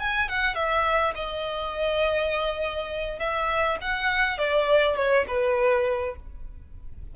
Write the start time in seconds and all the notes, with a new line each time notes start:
0.00 G#5
0.29 F#5
0.55 E5
1.16 D#5
3.20 E5
3.82 F#5
4.39 D5
4.97 C#5
5.28 B4